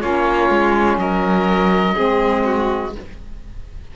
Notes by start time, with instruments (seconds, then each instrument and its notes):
0.00 cello A#3, saxophone C#4, violin F4, oboe C#5
0.50 cello G#3
0.97 cello F#3, violin A#4, oboe D#5
1.94 cello G#3, saxophone C4, violin G#4
2.45 violin F#4